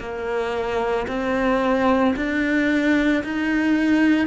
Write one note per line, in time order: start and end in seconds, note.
0.00 1.07 A#3
1.08 2.15 C4
2.17 3.24 D4
3.24 4.28 D#4